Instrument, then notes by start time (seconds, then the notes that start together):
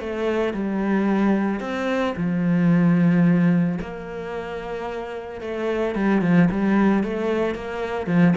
cello
0.00 A3
0.54 G3
1.60 C4
2.17 F3
3.81 A#3
5.41 A3
5.95 G3
6.22 F3
6.51 G3
7.03 A3
7.55 A#3
8.07 F3